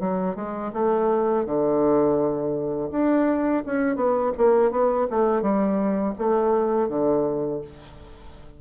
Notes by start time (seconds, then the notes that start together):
0.00 F#3
0.36 G#3
0.73 A3
1.46 D3
2.91 D4
3.66 C#4
3.96 B3
4.38 A#3
4.71 B3
5.11 A3
5.42 G3
6.18 A3
6.89 D3